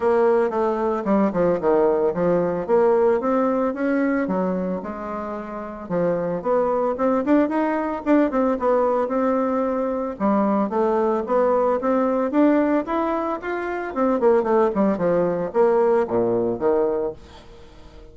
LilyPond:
\new Staff \with { instrumentName = "bassoon" } { \time 4/4 \tempo 4 = 112 ais4 a4 g8 f8 dis4 | f4 ais4 c'4 cis'4 | fis4 gis2 f4 | b4 c'8 d'8 dis'4 d'8 c'8 |
b4 c'2 g4 | a4 b4 c'4 d'4 | e'4 f'4 c'8 ais8 a8 g8 | f4 ais4 ais,4 dis4 | }